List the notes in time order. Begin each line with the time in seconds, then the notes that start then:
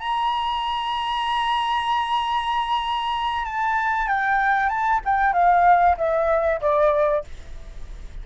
0.00 A#5
3.45 A5
4.08 G5
4.69 A5
5.05 G5
5.34 F5
5.98 E5
6.61 D5